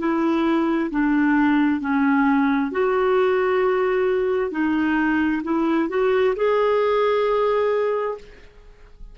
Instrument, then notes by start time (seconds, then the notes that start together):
clarinet
0.00 E4
0.91 D4
1.81 C#4
2.72 F#4
4.52 D#4
5.44 E4
5.90 F#4
6.36 G#4